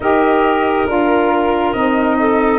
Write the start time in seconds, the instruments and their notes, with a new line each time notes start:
0.00 tuba D#4, saxophone G4, clarinet A#4, flute D#5
0.87 tuba D4, saxophone F4, flute A#4
1.72 tuba C4, saxophone D#4, flute D#5
2.19 clarinet A4